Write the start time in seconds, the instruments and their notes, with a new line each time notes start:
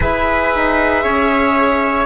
0.00 bassoon E4, cello G#4, trumpet B4, violin E5
0.55 bassoon D#4
1.03 bassoon C#4, trumpet C#5